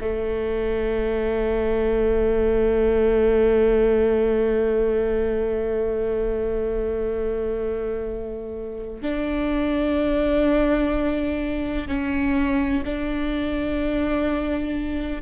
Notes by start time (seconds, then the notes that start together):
0.00 A3
9.02 D4
11.87 C#4
12.85 D4